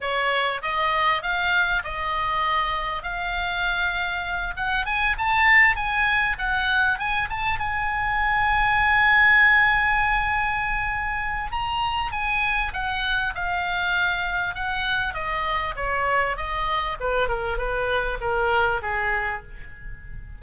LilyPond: \new Staff \with { instrumentName = "oboe" } { \time 4/4 \tempo 4 = 99 cis''4 dis''4 f''4 dis''4~ | dis''4 f''2~ f''8 fis''8 | gis''8 a''4 gis''4 fis''4 gis''8 | a''8 gis''2.~ gis''8~ |
gis''2. ais''4 | gis''4 fis''4 f''2 | fis''4 dis''4 cis''4 dis''4 | b'8 ais'8 b'4 ais'4 gis'4 | }